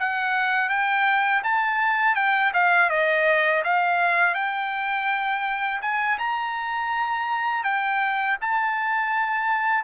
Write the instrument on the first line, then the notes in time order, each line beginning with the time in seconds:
trumpet
0.00 F#5
0.70 G5
1.44 A5
2.16 G5
2.54 F5
2.90 D#5
3.65 F5
4.35 G5
5.82 G#5
6.19 A#5
7.64 G5
8.42 A5